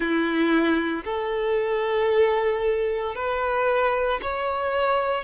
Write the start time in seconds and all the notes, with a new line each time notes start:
0.00 E4
1.04 A4
3.15 B4
4.22 C#5